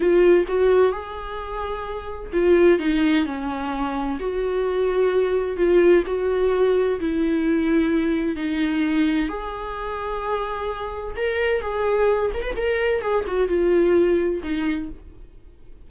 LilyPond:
\new Staff \with { instrumentName = "viola" } { \time 4/4 \tempo 4 = 129 f'4 fis'4 gis'2~ | gis'4 f'4 dis'4 cis'4~ | cis'4 fis'2. | f'4 fis'2 e'4~ |
e'2 dis'2 | gis'1 | ais'4 gis'4. ais'16 b'16 ais'4 | gis'8 fis'8 f'2 dis'4 | }